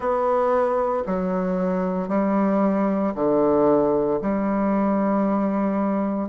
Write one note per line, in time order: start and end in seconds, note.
0.00 1.03 B3
1.06 2.08 F#3
2.08 3.13 G3
3.14 4.20 D3
4.21 6.29 G3